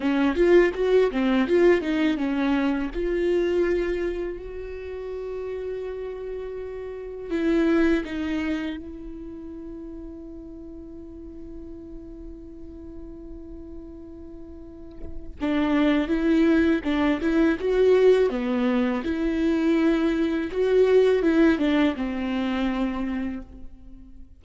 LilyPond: \new Staff \with { instrumentName = "viola" } { \time 4/4 \tempo 4 = 82 cis'8 f'8 fis'8 c'8 f'8 dis'8 cis'4 | f'2 fis'2~ | fis'2 e'4 dis'4 | e'1~ |
e'1~ | e'4 d'4 e'4 d'8 e'8 | fis'4 b4 e'2 | fis'4 e'8 d'8 c'2 | }